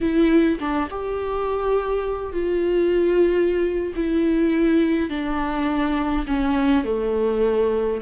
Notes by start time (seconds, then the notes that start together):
0.00 E4
0.59 D4
0.90 G4
2.32 F4
3.95 E4
5.09 D4
6.26 C#4
6.84 A3